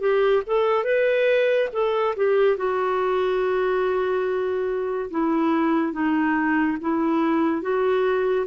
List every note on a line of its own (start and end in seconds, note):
0.00 0.42 G4
0.46 0.84 A4
0.84 1.69 B4
1.72 2.15 A4
2.16 2.57 G4
2.57 5.10 F#4
5.10 5.93 E4
5.93 6.77 D#4
6.81 7.62 E4
7.62 8.46 F#4